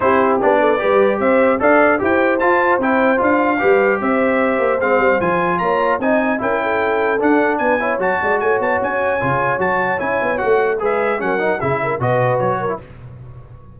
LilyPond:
<<
  \new Staff \with { instrumentName = "trumpet" } { \time 4/4 \tempo 4 = 150 c''4 d''2 e''4 | f''4 g''4 a''4 g''4 | f''2 e''2 | f''4 gis''4 ais''4 gis''4 |
g''2 fis''4 gis''4 | a''4 gis''8 a''8 gis''2 | a''4 gis''4 fis''4 e''4 | fis''4 e''4 dis''4 cis''4 | }
  \new Staff \with { instrumentName = "horn" } { \time 4/4 g'4. a'8 b'4 c''4 | d''4 c''2.~ | c''4 b'4 c''2~ | c''2 cis''4 dis''4 |
ais'8 a'2~ a'8 b'8 cis''8~ | cis''8 d''8 cis''2.~ | cis''2. b'4 | ais'4 gis'8 ais'8 b'4. ais'8 | }
  \new Staff \with { instrumentName = "trombone" } { \time 4/4 e'4 d'4 g'2 | a'4 g'4 f'4 e'4 | f'4 g'2. | c'4 f'2 dis'4 |
e'2 d'4. e'8 | fis'2. f'4 | fis'4 e'4 fis'4 gis'4 | cis'8 dis'8 e'4 fis'4.~ fis'16 e'16 | }
  \new Staff \with { instrumentName = "tuba" } { \time 4/4 c'4 b4 g4 c'4 | d'4 e'4 f'4 c'4 | d'4 g4 c'4. ais8 | gis8 g8 f4 ais4 c'4 |
cis'2 d'4 b4 | fis8 gis8 a8 b8 cis'4 cis4 | fis4 cis'8 b8 a4 gis4 | fis4 cis4 b,4 fis4 | }
>>